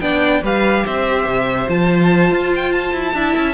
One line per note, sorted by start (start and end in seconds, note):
0.00 0.42 B3
0.00 0.42 D4
0.00 0.42 D5
0.00 0.42 G5
0.42 0.84 G3
0.42 1.68 G4
0.42 0.84 B4
0.42 0.86 F5
0.85 1.25 C4
0.85 3.14 C5
0.85 1.69 E5
1.25 1.67 C3
1.68 2.30 F3
1.68 3.14 F4
1.68 2.53 A5
2.30 2.93 F4
2.55 2.72 G5
2.72 3.53 A5
2.93 3.13 E4
3.13 3.34 D4
3.13 3.53 E4
3.13 3.53 E5
3.37 3.53 C#4